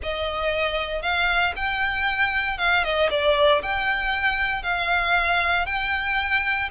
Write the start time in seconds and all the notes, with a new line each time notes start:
0.03 D#5
1.02 F5
1.56 G5
2.58 F5
2.84 D#5
3.10 D5
3.62 G5
4.62 F5
5.66 G5